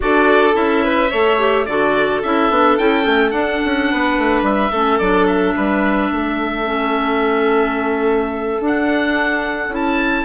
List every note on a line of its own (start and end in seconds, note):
0.00 0.55 D4
0.00 0.52 F#4
0.00 0.84 A4
0.00 0.55 D5
0.52 1.11 C#4
0.52 1.08 E4
0.52 1.65 E5
0.84 1.10 B4
1.10 1.67 A3
1.10 1.38 A4
1.10 1.66 C#5
1.38 1.66 G4
1.65 2.22 D3
1.65 2.24 F#4
1.65 3.91 A4
1.65 2.21 D5
2.23 2.49 C#4
2.23 2.51 E4
2.23 2.78 E5
2.49 2.77 B3
2.49 2.78 D4
2.78 3.06 C#4
2.78 3.02 E4
2.78 3.30 G5
3.02 3.32 A3
3.02 3.30 C#4
3.30 4.70 D4
3.30 3.59 D4
3.30 4.41 F#5
3.64 3.92 C#4
3.91 4.17 B3
3.91 4.71 B4
4.17 4.41 A3
4.41 4.69 G3
4.41 4.98 E5
4.71 4.99 A3
4.71 5.01 C#4
4.71 5.54 A4
4.98 5.55 F#3
4.98 6.64 D4
4.98 5.26 D5
5.27 8.60 E5
5.56 6.11 G3
5.56 6.11 B4
6.11 8.59 A3
6.11 10.25 A4
6.64 8.59 C#4
8.59 9.68 D4
8.59 9.70 D4
8.66 9.74 F#5
9.68 10.23 C#4
9.68 10.25 E4
9.74 10.25 A5